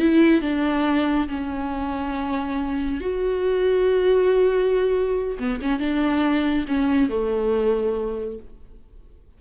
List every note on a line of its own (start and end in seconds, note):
0.00 0.42 E4
0.42 1.28 D4
1.29 3.01 C#4
3.01 5.38 F#4
5.39 5.61 B3
5.62 5.80 C#4
5.80 6.66 D4
6.68 7.10 C#4
7.10 8.39 A3